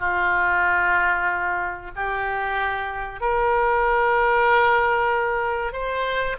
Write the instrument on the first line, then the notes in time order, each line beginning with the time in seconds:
oboe
0.00 F4
1.96 G4
3.21 A#4
5.73 C5